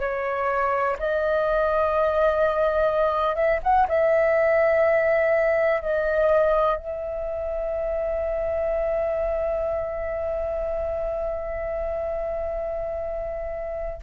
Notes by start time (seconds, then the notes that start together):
0.00 C#5
0.99 D#5
3.36 E5
3.63 F#5
3.88 E5
5.82 D#5
6.77 E5